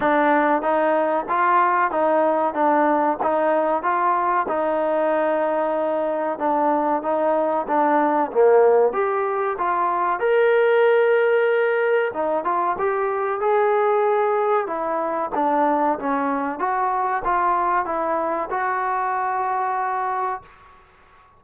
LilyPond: \new Staff \with { instrumentName = "trombone" } { \time 4/4 \tempo 4 = 94 d'4 dis'4 f'4 dis'4 | d'4 dis'4 f'4 dis'4~ | dis'2 d'4 dis'4 | d'4 ais4 g'4 f'4 |
ais'2. dis'8 f'8 | g'4 gis'2 e'4 | d'4 cis'4 fis'4 f'4 | e'4 fis'2. | }